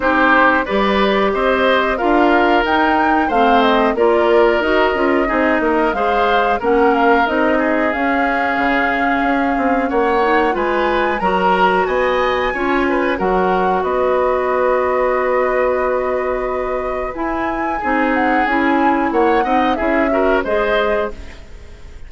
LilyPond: <<
  \new Staff \with { instrumentName = "flute" } { \time 4/4 \tempo 4 = 91 c''4 d''4 dis''4 f''4 | g''4 f''8 dis''8 d''4 dis''4~ | dis''4 f''4 fis''8 f''8 dis''4 | f''2. fis''4 |
gis''4 ais''4 gis''2 | fis''4 dis''2.~ | dis''2 gis''4. fis''8 | gis''4 fis''4 e''4 dis''4 | }
  \new Staff \with { instrumentName = "oboe" } { \time 4/4 g'4 b'4 c''4 ais'4~ | ais'4 c''4 ais'2 | gis'8 ais'8 c''4 ais'4. gis'8~ | gis'2. cis''4 |
b'4 ais'4 dis''4 cis''8 b'8 | ais'4 b'2.~ | b'2. gis'4~ | gis'4 cis''8 dis''8 gis'8 ais'8 c''4 | }
  \new Staff \with { instrumentName = "clarinet" } { \time 4/4 dis'4 g'2 f'4 | dis'4 c'4 f'4 fis'8 f'8 | dis'4 gis'4 cis'4 dis'4 | cis'2.~ cis'8 dis'8 |
f'4 fis'2 f'4 | fis'1~ | fis'2 e'4 dis'4 | e'4. dis'8 e'8 fis'8 gis'4 | }
  \new Staff \with { instrumentName = "bassoon" } { \time 4/4 c'4 g4 c'4 d'4 | dis'4 a4 ais4 dis'8 cis'8 | c'8 ais8 gis4 ais4 c'4 | cis'4 cis4 cis'8 c'8 ais4 |
gis4 fis4 b4 cis'4 | fis4 b2.~ | b2 e'4 c'4 | cis'4 ais8 c'8 cis'4 gis4 | }
>>